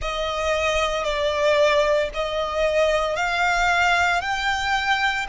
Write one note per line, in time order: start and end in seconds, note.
0.01 1.03 D#5
1.03 2.09 D5
2.13 3.16 D#5
3.16 4.21 F5
4.21 5.26 G5